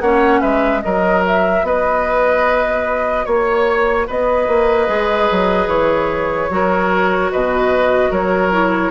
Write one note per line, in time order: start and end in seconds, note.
0.00 0.41 A#3
0.00 0.81 C#4
0.00 0.40 C#5
0.00 0.41 F#5
0.40 0.83 G#3
0.40 0.81 B4
0.40 0.81 E5
0.81 1.62 F#3
0.81 4.86 F#4
0.81 1.65 A#4
0.81 1.22 D#5
1.27 1.65 E5
1.62 3.24 B3
1.62 3.26 B4
1.62 3.25 D#5
3.25 4.07 A#3
3.25 4.06 C#5
3.25 4.07 C#5
4.07 4.47 B3
4.07 6.50 B4
4.07 5.68 D#5
4.47 4.88 A#3
4.86 5.29 G#3
4.86 6.49 G#4
5.31 5.67 F#3
5.67 6.48 E3
5.67 7.30 C#5
6.50 7.31 F#3
6.50 8.51 F#4
6.50 7.31 A#4
7.31 8.10 B2
7.31 8.10 B4
7.31 8.12 D#5
8.10 8.91 F#3
8.10 8.91 A#4
8.10 8.91 C#5
8.51 8.91 E4